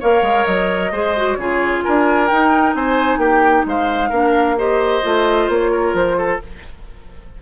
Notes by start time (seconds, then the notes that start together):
0.00 A#3 A#4 C#5 F5
0.22 G#3
0.46 F#3 D#5
0.92 G#3 G#4 C5
1.17 F#4
1.35 C#3 F4 G#4 C#5
1.83 D4 A#4 G#5
2.28 D#4 G5
2.74 C4 C5 G#5
3.18 A#3 G4 G5
3.66 G#3 C5 F5
4.10 A#3 D4 A#4
4.58 G4 C5 D#5
5.04 A3 F4
5.49 A#3 C#5
5.72 A#4
5.94 F3 C5
6.18 A4